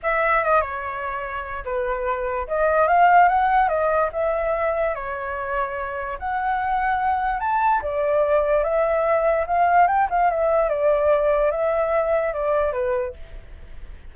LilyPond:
\new Staff \with { instrumentName = "flute" } { \time 4/4 \tempo 4 = 146 e''4 dis''8 cis''2~ cis''8 | b'2 dis''4 f''4 | fis''4 dis''4 e''2 | cis''2. fis''4~ |
fis''2 a''4 d''4~ | d''4 e''2 f''4 | g''8 f''8 e''4 d''2 | e''2 d''4 b'4 | }